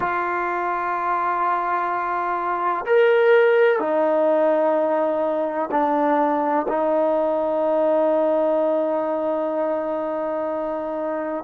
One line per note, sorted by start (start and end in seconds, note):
0.00 2.85 F4
2.86 3.79 A#4
3.79 5.69 D#4
5.71 6.66 D4
6.68 11.44 D#4